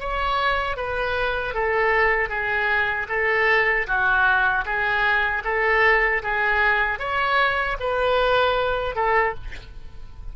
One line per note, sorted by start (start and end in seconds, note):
0.00 0.77 C#5
0.77 1.54 B4
1.54 2.29 A4
2.29 3.07 G#4
3.09 3.86 A4
3.87 4.65 F#4
4.65 5.43 G#4
5.44 6.22 A4
6.23 6.99 G#4
6.99 7.77 C#5
7.80 8.95 B4
8.95 9.34 A4